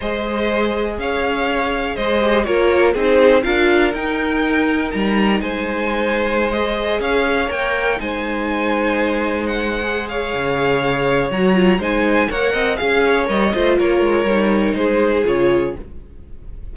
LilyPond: <<
  \new Staff \with { instrumentName = "violin" } { \time 4/4 \tempo 4 = 122 dis''2 f''2 | dis''4 cis''4 c''4 f''4 | g''2 ais''4 gis''4~ | gis''4~ gis''16 dis''4 f''4 g''8.~ |
g''16 gis''2. fis''8.~ | fis''8 f''2~ f''8 ais''4 | gis''4 fis''4 f''4 dis''4 | cis''2 c''4 cis''4 | }
  \new Staff \with { instrumentName = "violin" } { \time 4/4 c''2 cis''2 | c''4 ais'4 gis'4 ais'4~ | ais'2. c''4~ | c''2~ c''16 cis''4.~ cis''16~ |
cis''16 c''2.~ c''8.~ | c''8 cis''2.~ cis''8 | c''4 cis''8 dis''8 f''8 cis''4 c''8 | ais'2 gis'2 | }
  \new Staff \with { instrumentName = "viola" } { \time 4/4 gis'1~ | gis'8 g'8 f'4 dis'4 f'4 | dis'1~ | dis'4~ dis'16 gis'2 ais'8.~ |
ais'16 dis'2.~ dis'8. | gis'2. fis'8 f'8 | dis'4 ais'4 gis'4 ais'8 f'8~ | f'4 dis'2 f'4 | }
  \new Staff \with { instrumentName = "cello" } { \time 4/4 gis2 cis'2 | gis4 ais4 c'4 d'4 | dis'2 g4 gis4~ | gis2~ gis16 cis'4 ais8.~ |
ais16 gis2.~ gis8.~ | gis4 cis2 fis4 | gis4 ais8 c'8 cis'4 g8 a8 | ais8 gis8 g4 gis4 cis4 | }
>>